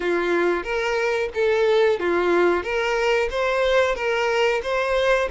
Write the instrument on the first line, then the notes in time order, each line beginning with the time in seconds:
violin
0.00 F4
0.63 A#4
1.34 A4
1.99 F4
2.63 A#4
3.30 C5
3.95 A#4
4.62 C5